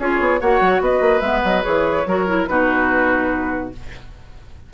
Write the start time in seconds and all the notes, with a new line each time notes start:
0.00 C#4 F4 G#4 C#5
0.20 B3
0.41 A#3 F#4 C#5 F#5
0.61 F#3
0.81 B3 B4 D#5
1.01 A#3
1.21 G#3 B3 E5
1.44 F#3 D#5
1.62 E3 G#4 C#5
2.06 F#3 F#4 A#4
2.27 E4
2.47 B2 D#4 F#4 B4